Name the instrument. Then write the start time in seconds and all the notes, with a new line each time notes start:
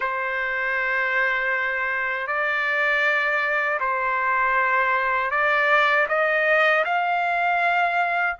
trumpet
0.00 C5
2.27 D5
3.80 C5
5.31 D5
6.08 D#5
6.84 F5